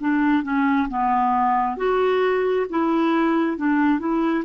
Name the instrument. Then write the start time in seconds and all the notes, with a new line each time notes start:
clarinet
0.00 D4
0.43 C#4
0.89 B3
1.77 F#4
2.69 E4
3.57 D4
3.99 E4